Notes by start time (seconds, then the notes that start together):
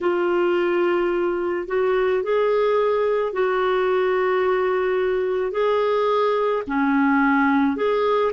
0.01 F4
1.67 F#4
2.23 G#4
3.32 F#4
5.52 G#4
6.67 C#4
7.76 G#4